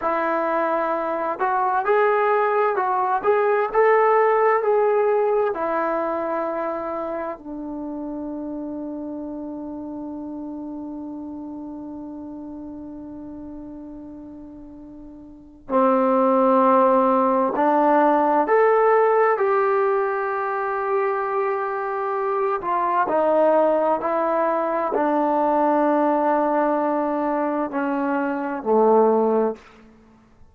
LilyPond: \new Staff \with { instrumentName = "trombone" } { \time 4/4 \tempo 4 = 65 e'4. fis'8 gis'4 fis'8 gis'8 | a'4 gis'4 e'2 | d'1~ | d'1~ |
d'4 c'2 d'4 | a'4 g'2.~ | g'8 f'8 dis'4 e'4 d'4~ | d'2 cis'4 a4 | }